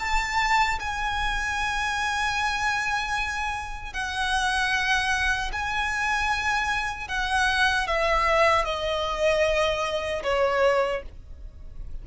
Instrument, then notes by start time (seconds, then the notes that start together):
violin
0.00 A5
0.80 G#5
3.94 F#5
5.53 G#5
7.08 F#5
7.88 E5
8.65 D#5
10.24 C#5